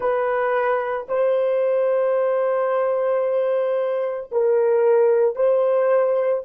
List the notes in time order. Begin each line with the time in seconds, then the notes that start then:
0.00 B4
1.08 C5
4.31 A#4
5.35 C5